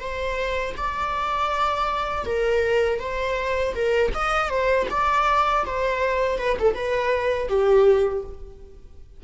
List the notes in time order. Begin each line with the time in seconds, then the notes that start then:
0.00 C5
0.77 D5
2.25 A#4
2.99 C5
3.75 A#4
4.14 D#5
4.49 C5
4.90 D5
5.66 C5
6.38 B4
6.59 A4
6.74 B4
7.48 G4